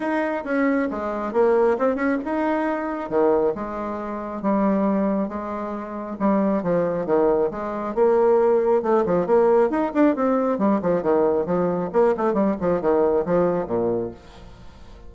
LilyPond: \new Staff \with { instrumentName = "bassoon" } { \time 4/4 \tempo 4 = 136 dis'4 cis'4 gis4 ais4 | c'8 cis'8 dis'2 dis4 | gis2 g2 | gis2 g4 f4 |
dis4 gis4 ais2 | a8 f8 ais4 dis'8 d'8 c'4 | g8 f8 dis4 f4 ais8 a8 | g8 f8 dis4 f4 ais,4 | }